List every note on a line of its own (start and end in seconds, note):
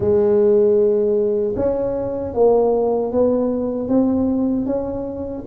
0.00 1.54 G#3
1.56 2.34 C#4
2.34 3.12 A#3
3.12 3.88 B3
3.88 4.65 C4
4.65 5.44 C#4